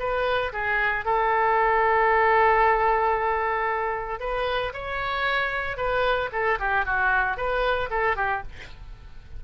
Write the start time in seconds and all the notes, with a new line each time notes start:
0.00 B4
0.53 G#4
1.06 A4
4.20 B4
4.74 C#5
5.78 B4
6.33 A4
6.60 G4
6.86 F#4
7.37 B4
7.91 A4
8.17 G4